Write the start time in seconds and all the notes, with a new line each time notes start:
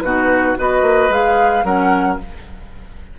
0.00 B2 D#4 F#4 B4
0.57 B3 F#4 B4 D#5
0.81 A#3
1.09 G#3 G#4 F5
1.64 F#3 C#4 A#4 F#5